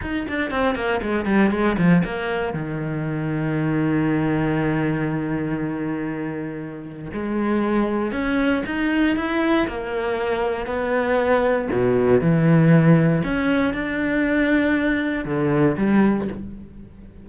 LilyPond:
\new Staff \with { instrumentName = "cello" } { \time 4/4 \tempo 4 = 118 dis'8 d'8 c'8 ais8 gis8 g8 gis8 f8 | ais4 dis2.~ | dis1~ | dis2 gis2 |
cis'4 dis'4 e'4 ais4~ | ais4 b2 b,4 | e2 cis'4 d'4~ | d'2 d4 g4 | }